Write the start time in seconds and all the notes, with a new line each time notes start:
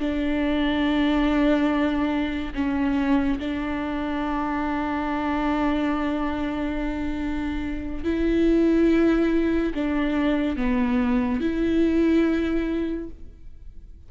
0.00 D4
2.55 C#4
3.40 D4
8.04 E4
9.75 D4
10.57 B3
11.40 E4